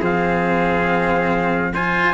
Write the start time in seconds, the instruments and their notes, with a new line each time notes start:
0.00 tuba F3, cello C4, trumpet G#4 F5
1.73 cello F4, trumpet C5 G#5